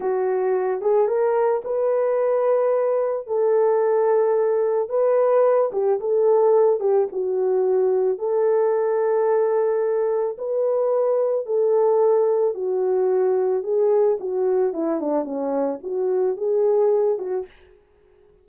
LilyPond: \new Staff \with { instrumentName = "horn" } { \time 4/4 \tempo 4 = 110 fis'4. gis'8 ais'4 b'4~ | b'2 a'2~ | a'4 b'4. g'8 a'4~ | a'8 g'8 fis'2 a'4~ |
a'2. b'4~ | b'4 a'2 fis'4~ | fis'4 gis'4 fis'4 e'8 d'8 | cis'4 fis'4 gis'4. fis'8 | }